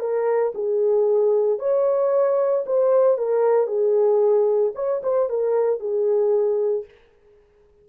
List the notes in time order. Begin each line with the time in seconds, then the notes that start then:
0.00 A#4
0.55 G#4
1.59 C#5
2.66 C5
3.18 A#4
3.67 G#4
4.75 C#5
5.03 C5
5.30 A#4
5.80 G#4